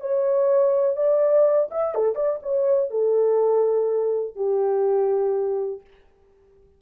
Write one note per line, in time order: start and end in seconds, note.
0.00 0.96 C#5
0.96 1.69 D5
1.70 1.95 E5
1.95 2.15 A4
2.15 2.39 D5
2.42 2.90 C#5
2.90 4.35 A4
4.35 5.80 G4